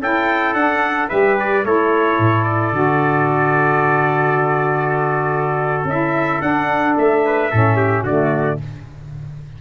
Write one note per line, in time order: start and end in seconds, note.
0.00 0.54 C#4
0.00 0.56 E4
0.00 1.09 A4
0.00 0.54 G5
0.54 1.09 D4
0.54 1.09 F#5
1.09 1.65 G3
1.09 1.63 G4
1.09 1.64 B4
1.09 1.37 E5
1.39 1.65 D5
1.64 2.19 A3
1.64 2.73 E4
1.64 7.25 A4
1.64 2.44 C#5
2.19 2.72 A2
2.44 5.85 D5
2.72 5.84 D3
2.72 5.86 F#4
5.84 6.39 C#4
5.84 6.41 E4
5.84 6.41 E5
6.41 7.50 D4
6.41 6.96 D4
6.41 6.96 F#5
6.97 7.52 A3
6.97 8.06 E5
7.25 7.51 B4
7.51 8.04 A2
7.51 8.07 C#4
7.51 7.76 A4
7.76 8.03 G4
8.03 8.58 D3
8.03 8.61 A3
8.03 8.58 F#4
8.03 8.60 D5